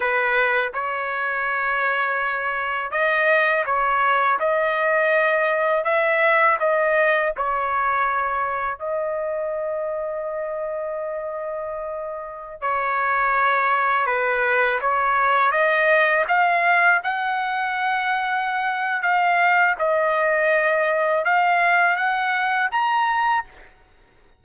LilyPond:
\new Staff \with { instrumentName = "trumpet" } { \time 4/4 \tempo 4 = 82 b'4 cis''2. | dis''4 cis''4 dis''2 | e''4 dis''4 cis''2 | dis''1~ |
dis''4~ dis''16 cis''2 b'8.~ | b'16 cis''4 dis''4 f''4 fis''8.~ | fis''2 f''4 dis''4~ | dis''4 f''4 fis''4 ais''4 | }